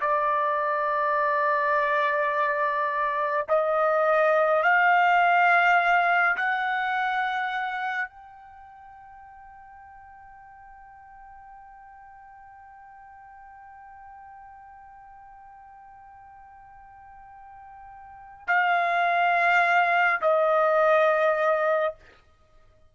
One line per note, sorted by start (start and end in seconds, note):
0.00 3.46 D5
3.48 4.63 D#5
4.63 6.36 F5
6.36 8.09 F#5
8.09 18.47 G5
18.47 20.20 F5
20.21 21.94 D#5